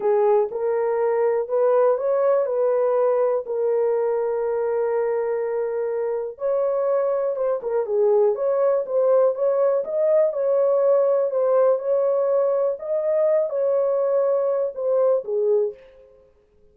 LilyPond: \new Staff \with { instrumentName = "horn" } { \time 4/4 \tempo 4 = 122 gis'4 ais'2 b'4 | cis''4 b'2 ais'4~ | ais'1~ | ais'4 cis''2 c''8 ais'8 |
gis'4 cis''4 c''4 cis''4 | dis''4 cis''2 c''4 | cis''2 dis''4. cis''8~ | cis''2 c''4 gis'4 | }